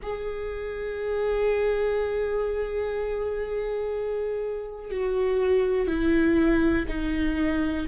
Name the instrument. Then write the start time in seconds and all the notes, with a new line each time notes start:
viola
0.02 G#4
4.90 F#4
5.87 E4
6.88 D#4